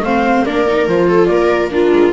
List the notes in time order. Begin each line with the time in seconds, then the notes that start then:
0.00 A3 C4 C5 F5
0.45 A#3 D4 A#4 D5
0.68 D#4
0.88 F3 F4 C5
1.08 A4
1.26 A#3 A#4 D5
1.70 D4 F4 A#4
1.93 G#3